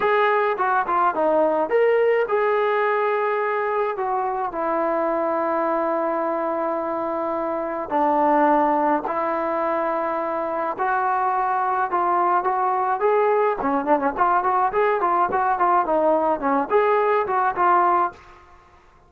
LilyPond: \new Staff \with { instrumentName = "trombone" } { \time 4/4 \tempo 4 = 106 gis'4 fis'8 f'8 dis'4 ais'4 | gis'2. fis'4 | e'1~ | e'2 d'2 |
e'2. fis'4~ | fis'4 f'4 fis'4 gis'4 | cis'8 d'16 cis'16 f'8 fis'8 gis'8 f'8 fis'8 f'8 | dis'4 cis'8 gis'4 fis'8 f'4 | }